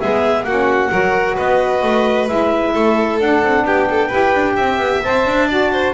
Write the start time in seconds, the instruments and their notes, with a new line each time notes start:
0.00 double bass G#3, saxophone B3, violin G#4, clarinet E5
0.44 double bass A#3, saxophone C#4, violin F#4, clarinet F#5
0.91 double bass F#3, saxophone F#4, violin A#4
1.35 double bass B3, violin B4, clarinet D#5
1.83 double bass A3
2.28 double bass G#3, saxophone E4, clarinet E5
2.73 double bass A3, violin A4
3.20 double bass D4, saxophone D4, clarinet F#5
3.43 double bass C4
3.65 double bass B3, violin G4, clarinet G5
3.91 violin A4
4.08 double bass E4, saxophone G4, violin B4
4.35 double bass D4
4.57 double bass C4, violin E5
4.79 double bass B3
5.03 double bass C4, saxophone C5, clarinet A5
5.26 double bass D4
5.48 saxophone F#4, violin D5
5.72 violin C5